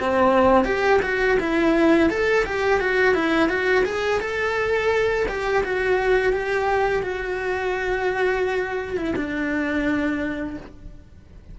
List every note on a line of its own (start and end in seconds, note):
0.00 0.65 C4
0.65 1.00 G4
1.02 1.38 F#4
1.40 2.10 E4
2.10 2.45 A4
2.45 2.80 G4
2.80 3.15 F#4
3.15 3.49 E4
3.49 3.84 F#4
3.85 4.20 G#4
4.20 5.26 A4
5.28 5.64 G4
5.64 6.33 F#4
6.33 7.03 G4
7.03 8.97 F#4
8.97 9.15 E4
9.16 10.57 D4